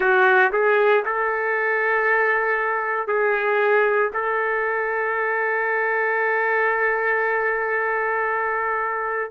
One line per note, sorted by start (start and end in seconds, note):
0.00 0.51 F#4
0.52 1.04 G#4
1.05 3.08 A4
3.08 4.11 G#4
4.13 9.31 A4